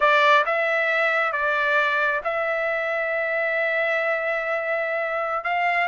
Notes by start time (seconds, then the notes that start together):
0.00 D5
0.45 E5
1.32 D5
2.24 E5
5.44 F5